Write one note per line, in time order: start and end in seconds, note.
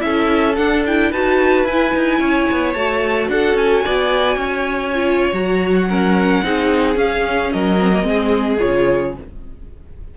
0.00 0.58 C#4
0.00 0.55 E4
0.00 1.11 A4
0.00 0.56 E5
0.56 0.85 D4
0.56 1.12 D4
0.56 0.84 F#5
0.87 1.14 E4
0.87 1.13 G5
1.11 1.65 D#4
1.11 1.67 F#4
1.11 2.20 B4
1.11 1.67 A5
1.65 1.92 E4
1.65 2.76 E4
1.65 2.74 G#5
1.96 2.20 D#4
2.20 2.47 C#4
2.20 3.29 C#5
2.52 2.75 B3
2.74 3.29 A3
2.74 4.94 F#4
2.74 3.28 A5
3.29 3.55 D4
3.29 3.85 A4
3.29 3.58 F#5
3.55 3.82 C#4
3.55 5.34 G#5
3.85 4.36 B3
3.85 4.38 D5
4.36 5.32 C#4
4.36 5.88 C#5
4.95 5.34 F4
5.33 6.42 F#3
5.33 5.88 F#4
5.33 5.75 A#5
5.77 6.98 F#5
5.90 6.44 C#4
5.90 6.44 A#4
6.44 6.96 C4
6.44 6.95 D#4
6.44 7.54 G#4
6.95 7.77 C#4
6.95 7.51 C#4
6.95 7.52 F5
7.52 8.03 F#3
7.52 8.08 A#4
7.52 8.60 D#5
7.80 7.93 C4
7.93 8.03 A#3
8.03 8.58 G#3
8.03 8.57 C4
8.03 9.18 G#4
8.60 9.18 C#3
8.60 9.14 F4
8.60 9.15 C#5